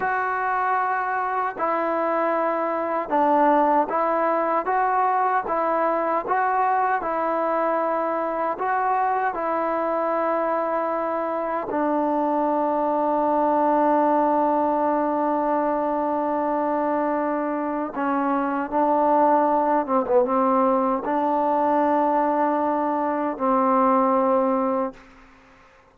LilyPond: \new Staff \with { instrumentName = "trombone" } { \time 4/4 \tempo 4 = 77 fis'2 e'2 | d'4 e'4 fis'4 e'4 | fis'4 e'2 fis'4 | e'2. d'4~ |
d'1~ | d'2. cis'4 | d'4. c'16 b16 c'4 d'4~ | d'2 c'2 | }